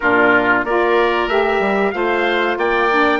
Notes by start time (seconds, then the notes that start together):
0.00 A#2 D4 F4 A#4
0.64 A#3 F4 A#4 D5
1.27 A3 G4 E5
1.59 G3
1.91 A3 F4 C5 F5
2.57 A#3 D5 G5
2.91 D4